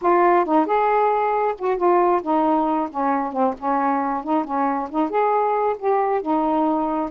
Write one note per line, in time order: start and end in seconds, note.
0.01 0.45 F4
0.45 0.65 D#4
0.65 1.54 G#4
1.58 1.77 F#4
1.77 2.21 F4
2.22 2.89 D#4
2.90 3.32 C#4
3.32 3.54 C4
3.58 4.23 C#4
4.23 4.44 D#4
4.44 4.88 C#4
4.90 5.09 D#4
5.09 5.76 G#4
5.78 6.21 G4
6.21 7.10 D#4